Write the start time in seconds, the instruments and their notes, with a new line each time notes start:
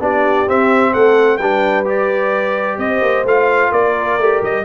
0.00 tuba B3, trombone D4, horn G4, trumpet D5
0.47 trombone C4, tuba C4, trumpet E5
0.93 tuba A3, horn A4, trumpet F#5
1.37 tuba G3, trombone D4, horn B4, trumpet G5
1.85 trombone G4, trumpet D5
2.78 tuba C4, horn C5, trumpet D#5
3.01 tuba A#3
3.24 tuba A3, trombone F4, trumpet F5
3.71 tuba A#3, horn A#4, trumpet D5
4.18 tuba A3, trombone G4
4.42 tuba G3, trumpet D#5